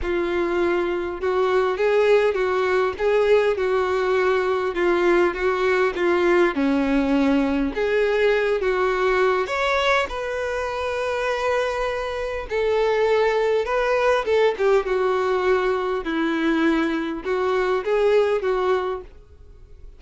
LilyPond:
\new Staff \with { instrumentName = "violin" } { \time 4/4 \tempo 4 = 101 f'2 fis'4 gis'4 | fis'4 gis'4 fis'2 | f'4 fis'4 f'4 cis'4~ | cis'4 gis'4. fis'4. |
cis''4 b'2.~ | b'4 a'2 b'4 | a'8 g'8 fis'2 e'4~ | e'4 fis'4 gis'4 fis'4 | }